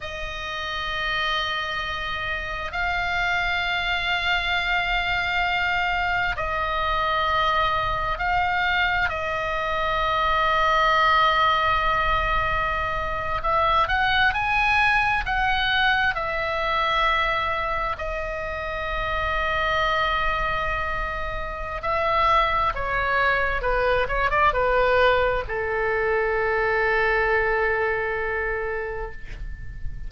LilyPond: \new Staff \with { instrumentName = "oboe" } { \time 4/4 \tempo 4 = 66 dis''2. f''4~ | f''2. dis''4~ | dis''4 f''4 dis''2~ | dis''2~ dis''8. e''8 fis''8 gis''16~ |
gis''8. fis''4 e''2 dis''16~ | dis''1 | e''4 cis''4 b'8 cis''16 d''16 b'4 | a'1 | }